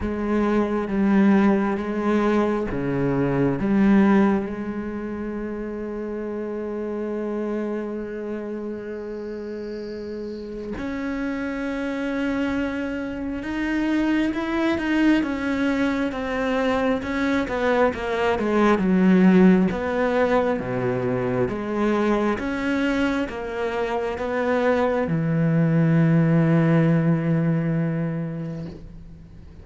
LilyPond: \new Staff \with { instrumentName = "cello" } { \time 4/4 \tempo 4 = 67 gis4 g4 gis4 cis4 | g4 gis2.~ | gis1 | cis'2. dis'4 |
e'8 dis'8 cis'4 c'4 cis'8 b8 | ais8 gis8 fis4 b4 b,4 | gis4 cis'4 ais4 b4 | e1 | }